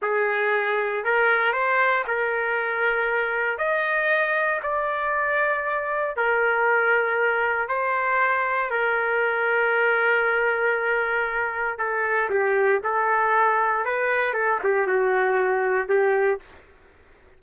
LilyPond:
\new Staff \with { instrumentName = "trumpet" } { \time 4/4 \tempo 4 = 117 gis'2 ais'4 c''4 | ais'2. dis''4~ | dis''4 d''2. | ais'2. c''4~ |
c''4 ais'2.~ | ais'2. a'4 | g'4 a'2 b'4 | a'8 g'8 fis'2 g'4 | }